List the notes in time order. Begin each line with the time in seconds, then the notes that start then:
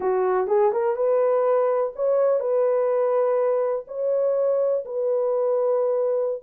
0.00 F#4
0.47 G#4
0.72 A#4
0.96 B4
1.95 C#5
2.40 B4
3.87 C#5
4.85 B4